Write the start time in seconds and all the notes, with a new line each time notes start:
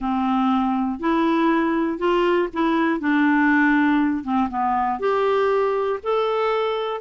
0.00 C4
0.99 E4
1.98 F4
2.52 E4
3.00 D4
4.23 C4
4.49 B3
4.99 G4
6.03 A4